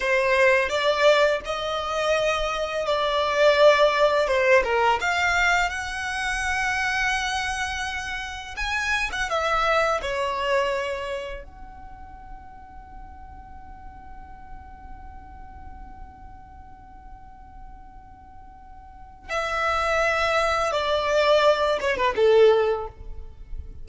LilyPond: \new Staff \with { instrumentName = "violin" } { \time 4/4 \tempo 4 = 84 c''4 d''4 dis''2 | d''2 c''8 ais'8 f''4 | fis''1 | gis''8. fis''16 e''4 cis''2 |
fis''1~ | fis''1~ | fis''2. e''4~ | e''4 d''4. cis''16 b'16 a'4 | }